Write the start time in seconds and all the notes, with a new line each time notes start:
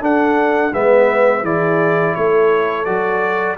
0.00 D4 A4 F#5
0.73 G#3 B3 B4 E5
1.42 E3 E4 G#4 D5
2.14 A3 A4 C#5
2.84 F#3 F#4 D5